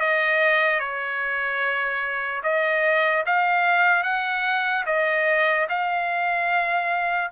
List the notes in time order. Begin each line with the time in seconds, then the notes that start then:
0.00 D#5
0.80 C#5
2.43 D#5
3.26 F5
4.03 F#5
4.86 D#5
5.69 F5